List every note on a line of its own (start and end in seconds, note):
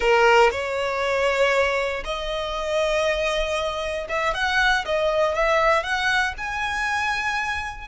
0.00 0.50 A#4
0.51 2.03 C#5
2.04 4.07 D#5
4.09 4.34 E5
4.34 4.84 F#5
4.85 5.34 D#5
5.34 5.83 E5
5.83 6.34 F#5
6.37 7.88 G#5